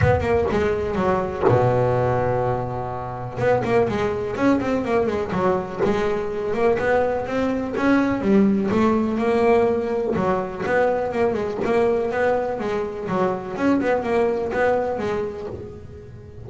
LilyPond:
\new Staff \with { instrumentName = "double bass" } { \time 4/4 \tempo 4 = 124 b8 ais8 gis4 fis4 b,4~ | b,2. b8 ais8 | gis4 cis'8 c'8 ais8 gis8 fis4 | gis4. ais8 b4 c'4 |
cis'4 g4 a4 ais4~ | ais4 fis4 b4 ais8 gis8 | ais4 b4 gis4 fis4 | cis'8 b8 ais4 b4 gis4 | }